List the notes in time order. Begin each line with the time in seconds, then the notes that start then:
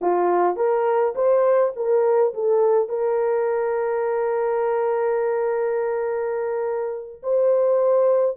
0.01 F4
0.56 A#4
1.15 C5
1.75 A#4
2.34 A4
2.88 A#4
7.22 C5